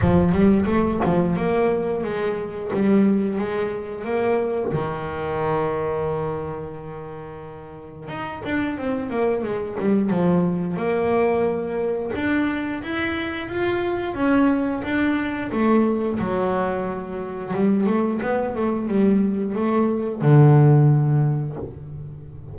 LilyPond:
\new Staff \with { instrumentName = "double bass" } { \time 4/4 \tempo 4 = 89 f8 g8 a8 f8 ais4 gis4 | g4 gis4 ais4 dis4~ | dis1 | dis'8 d'8 c'8 ais8 gis8 g8 f4 |
ais2 d'4 e'4 | f'4 cis'4 d'4 a4 | fis2 g8 a8 b8 a8 | g4 a4 d2 | }